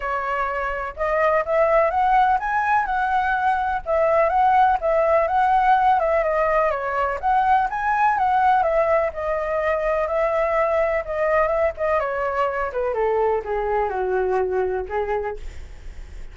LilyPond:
\new Staff \with { instrumentName = "flute" } { \time 4/4 \tempo 4 = 125 cis''2 dis''4 e''4 | fis''4 gis''4 fis''2 | e''4 fis''4 e''4 fis''4~ | fis''8 e''8 dis''4 cis''4 fis''4 |
gis''4 fis''4 e''4 dis''4~ | dis''4 e''2 dis''4 | e''8 dis''8 cis''4. b'8 a'4 | gis'4 fis'2 gis'4 | }